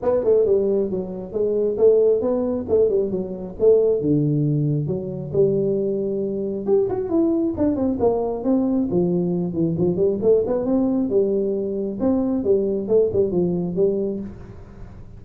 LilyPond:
\new Staff \with { instrumentName = "tuba" } { \time 4/4 \tempo 4 = 135 b8 a8 g4 fis4 gis4 | a4 b4 a8 g8 fis4 | a4 d2 fis4 | g2. g'8 fis'8 |
e'4 d'8 c'8 ais4 c'4 | f4. e8 f8 g8 a8 b8 | c'4 g2 c'4 | g4 a8 g8 f4 g4 | }